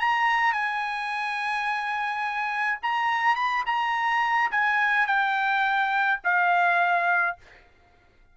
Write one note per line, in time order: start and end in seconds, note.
0.00 0.53 A#5
0.53 2.79 G#5
2.83 3.36 A#5
3.36 3.64 B5
3.66 4.51 A#5
4.51 5.07 G#5
5.07 6.20 G5
6.24 7.37 F5